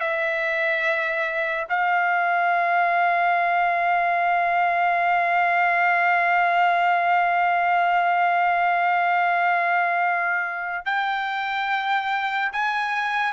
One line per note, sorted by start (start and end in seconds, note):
0.00 1.67 E5
1.69 10.85 F5
10.85 12.52 G5
12.52 13.33 G#5